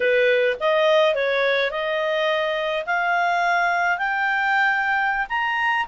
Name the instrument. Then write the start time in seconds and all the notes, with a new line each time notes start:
clarinet
0.00 B4
0.60 D#5
1.14 C#5
1.70 D#5
2.85 F5
3.98 G5
5.29 A#5